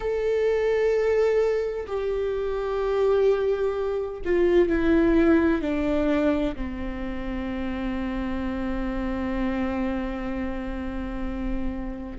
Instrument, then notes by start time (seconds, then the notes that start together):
viola
0.00 A4
1.87 G4
4.24 F4
4.68 E4
5.61 D4
6.55 C4